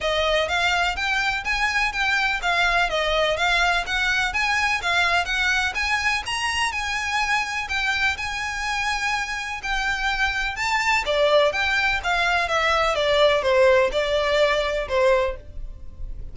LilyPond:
\new Staff \with { instrumentName = "violin" } { \time 4/4 \tempo 4 = 125 dis''4 f''4 g''4 gis''4 | g''4 f''4 dis''4 f''4 | fis''4 gis''4 f''4 fis''4 | gis''4 ais''4 gis''2 |
g''4 gis''2. | g''2 a''4 d''4 | g''4 f''4 e''4 d''4 | c''4 d''2 c''4 | }